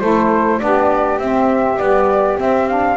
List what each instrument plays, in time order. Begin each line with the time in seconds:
0.00 double bass A3, saxophone E4 A4, flute C5
0.59 double bass B3, saxophone D4 G4, flute D5
1.19 double bass C4, saxophone C4, flute E5
1.78 saxophone G3, double bass B3, flute D5
2.38 saxophone C4, double bass C4, flute E5
2.68 saxophone D4, flute F5